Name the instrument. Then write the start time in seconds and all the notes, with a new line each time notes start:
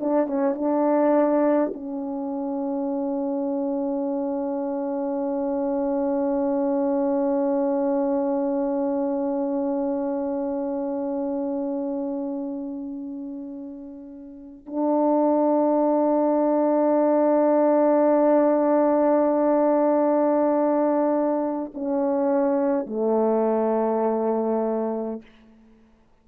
horn
0.00 D4
0.27 C#4
0.55 D4
1.74 C#4
14.66 D4
21.74 C#4
22.87 A3